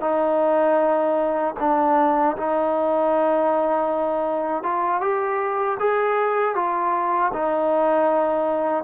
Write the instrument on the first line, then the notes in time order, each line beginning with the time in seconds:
trombone
0.00 D#4
1.59 D4
2.36 D#4
4.63 F4
5.00 G4
5.79 G#4
6.55 F4
7.33 D#4